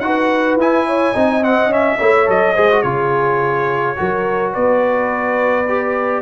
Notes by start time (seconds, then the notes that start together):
0.00 D#4 F#4 F#5
0.06 B4
0.56 E4 G#5
0.87 C#5
1.13 C4 D#4 D#5
1.42 C4 F#5
1.66 C#4
1.73 E5
1.98 A3 E4 C#5
2.26 F#3 A4 D#5
2.54 G#3 G#4 C5
2.71 F#4
2.82 C#3 F4 G#4 C#5
3.96 F#3 F#4 A#4
4.52 B3 B4 D5
5.68 G4